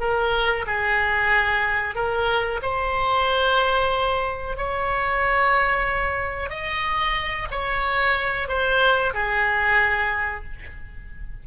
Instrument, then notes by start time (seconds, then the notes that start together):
oboe
0.00 A#4
0.66 G#4
1.95 A#4
2.62 C5
4.57 C#5
6.50 D#5
7.51 C#5
8.48 C5
9.14 G#4